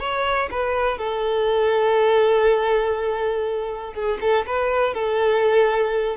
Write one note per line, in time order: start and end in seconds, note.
0.00 0.50 C#5
0.51 0.98 B4
0.98 3.94 A4
3.94 4.19 G#4
4.21 4.46 A4
4.47 4.94 B4
4.94 6.17 A4